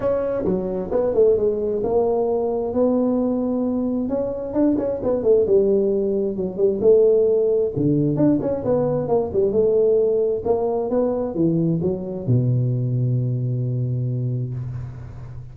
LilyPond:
\new Staff \with { instrumentName = "tuba" } { \time 4/4 \tempo 4 = 132 cis'4 fis4 b8 a8 gis4 | ais2 b2~ | b4 cis'4 d'8 cis'8 b8 a8 | g2 fis8 g8 a4~ |
a4 d4 d'8 cis'8 b4 | ais8 g8 a2 ais4 | b4 e4 fis4 b,4~ | b,1 | }